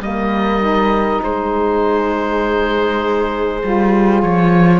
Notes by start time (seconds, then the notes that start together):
0.00 G3 A#3 A#4 D#5
0.60 D#4
1.23 G#3 G#4 C5
3.64 G3 F4
4.21 F3 C#5